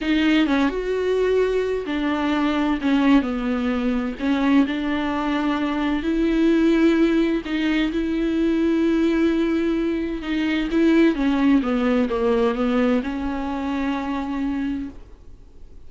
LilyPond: \new Staff \with { instrumentName = "viola" } { \time 4/4 \tempo 4 = 129 dis'4 cis'8 fis'2~ fis'8 | d'2 cis'4 b4~ | b4 cis'4 d'2~ | d'4 e'2. |
dis'4 e'2.~ | e'2 dis'4 e'4 | cis'4 b4 ais4 b4 | cis'1 | }